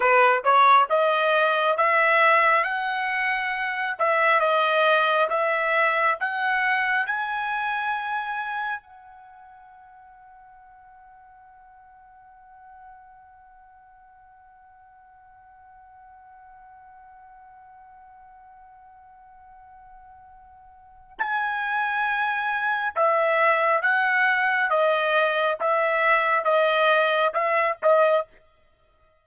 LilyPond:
\new Staff \with { instrumentName = "trumpet" } { \time 4/4 \tempo 4 = 68 b'8 cis''8 dis''4 e''4 fis''4~ | fis''8 e''8 dis''4 e''4 fis''4 | gis''2 fis''2~ | fis''1~ |
fis''1~ | fis''1 | gis''2 e''4 fis''4 | dis''4 e''4 dis''4 e''8 dis''8 | }